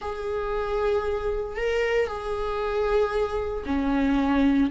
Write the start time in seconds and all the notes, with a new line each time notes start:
0.01 G#4
1.56 A#4
2.07 G#4
3.66 C#4